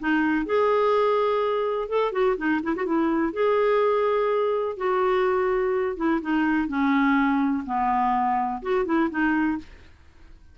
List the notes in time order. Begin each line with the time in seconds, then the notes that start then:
0.00 D#4
0.46 G#4
1.89 A4
2.12 F#4
2.37 D#4
2.63 E4
2.76 F#4
2.86 E4
3.33 G#4
4.77 F#4
5.97 E4
6.22 D#4
6.68 C#4
7.66 B3
8.62 F#4
8.85 E4
9.10 D#4